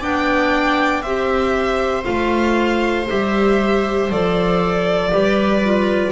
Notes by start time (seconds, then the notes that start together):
0.00 B3 D4 D5 G5
1.02 C4 G4 C5 E5
2.04 A3 F4 F5
3.07 G3 G4 E5
4.10 F3 A4 D5
5.11 G3 G4 B4
5.64 F4